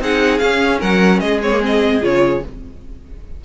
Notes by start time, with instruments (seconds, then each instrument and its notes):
0.00 cello C4, viola D#4, violin G#4 F#5
0.38 viola C#4, cello C#4, violin F5
0.80 cello F#3, violin A#4 F#5
1.20 cello G#3, violin G#4 D#5
1.42 viola C4, violin C#5
1.51 viola A#3
1.61 viola C4, violin D#5
2.01 cello C#3, viola F4, violin C#5